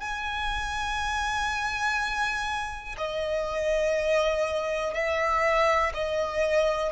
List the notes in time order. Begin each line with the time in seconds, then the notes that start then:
0.00 G#5
2.98 D#5
4.94 E5
5.94 D#5